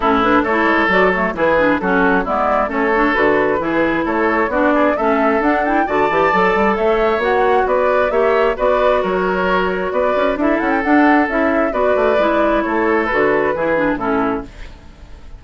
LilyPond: <<
  \new Staff \with { instrumentName = "flute" } { \time 4/4 \tempo 4 = 133 a'8 b'8 cis''4 d''8 cis''8 b'4 | a'4 d''4 cis''4 b'4~ | b'4 cis''4 d''4 e''4 | fis''8 g''8 a''2 e''4 |
fis''4 d''4 e''4 d''4 | cis''2 d''4 e''8 fis''16 g''16 | fis''4 e''4 d''2 | cis''4 b'2 a'4 | }
  \new Staff \with { instrumentName = "oboe" } { \time 4/4 e'4 a'2 gis'4 | fis'4 e'4 a'2 | gis'4 a'4 fis'8 gis'8 a'4~ | a'4 d''2 cis''4~ |
cis''4 b'4 cis''4 b'4 | ais'2 b'4 a'4~ | a'2 b'2 | a'2 gis'4 e'4 | }
  \new Staff \with { instrumentName = "clarinet" } { \time 4/4 cis'8 d'8 e'4 fis'8 a8 e'8 d'8 | cis'4 b4 cis'8 d'8 fis'4 | e'2 d'4 cis'4 | d'8 e'8 fis'8 g'8 a'2 |
fis'2 g'4 fis'4~ | fis'2. e'4 | d'4 e'4 fis'4 e'4~ | e'4 fis'4 e'8 d'8 cis'4 | }
  \new Staff \with { instrumentName = "bassoon" } { \time 4/4 a,4 a8 gis8 fis4 e4 | fis4 gis4 a4 d4 | e4 a4 b4 a4 | d'4 d8 e8 fis8 g8 a4 |
ais4 b4 ais4 b4 | fis2 b8 cis'8 d'8 cis'8 | d'4 cis'4 b8 a8 gis4 | a4 d4 e4 a,4 | }
>>